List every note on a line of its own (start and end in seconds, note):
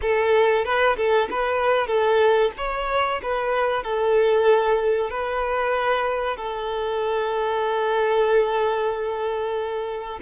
0.01 0.64 A4
0.64 0.96 B4
0.96 1.28 A4
1.30 1.87 B4
1.87 2.51 A4
2.57 3.21 C#5
3.22 3.83 B4
3.83 5.09 A4
5.09 6.36 B4
6.36 10.19 A4